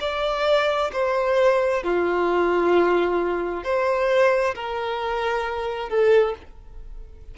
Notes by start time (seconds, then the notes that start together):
0.00 D5
0.93 C5
1.83 F4
3.64 C5
4.55 A#4
5.89 A4